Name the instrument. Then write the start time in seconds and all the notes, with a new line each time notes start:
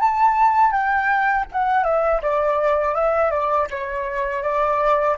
flute
0.00 A5
0.71 G5
1.52 F#5
1.84 E5
2.22 D5
2.95 E5
3.31 D5
3.70 C#5
4.42 D5